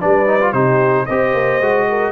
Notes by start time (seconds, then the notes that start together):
0.00 G3 D4 B4 D5
0.27 D#4
0.40 F4
0.52 C3 D#4 G4 C5
1.06 C4 G4 C5 D#5
1.34 A#3
1.60 G#3 F#4
1.89 A#4